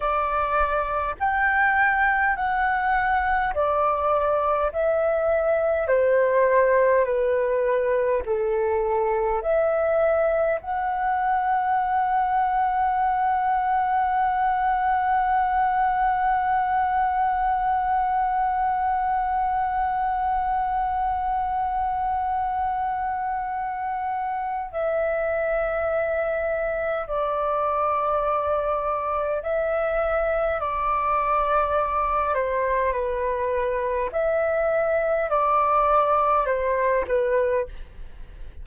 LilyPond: \new Staff \with { instrumentName = "flute" } { \time 4/4 \tempo 4 = 51 d''4 g''4 fis''4 d''4 | e''4 c''4 b'4 a'4 | e''4 fis''2.~ | fis''1~ |
fis''1~ | fis''4 e''2 d''4~ | d''4 e''4 d''4. c''8 | b'4 e''4 d''4 c''8 b'8 | }